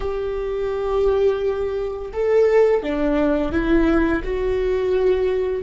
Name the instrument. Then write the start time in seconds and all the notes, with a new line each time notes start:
viola
0.00 G4
2.13 A4
2.82 D4
3.52 E4
4.24 F#4